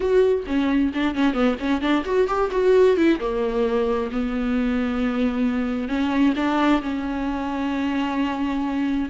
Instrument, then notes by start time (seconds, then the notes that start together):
viola
0.00 F#4
0.47 C#4
0.94 D4
1.15 C#4
1.33 B3
1.59 C#4
1.81 D4
2.05 F#4
2.27 G4
2.51 F#4
2.96 E4
3.19 A#3
4.11 B3
5.88 C#4
6.36 D4
6.81 C#4